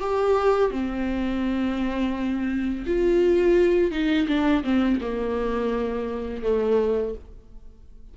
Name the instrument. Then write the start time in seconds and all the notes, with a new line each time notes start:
viola
0.00 G4
0.71 C4
2.87 F4
3.91 D#4
4.28 D4
4.64 C4
5.01 A#3
6.43 A3